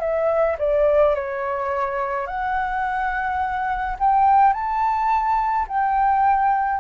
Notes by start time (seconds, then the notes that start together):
0.00 E5
0.58 D5
1.15 C#5
2.27 F#5
3.99 G5
4.53 A5
5.68 G5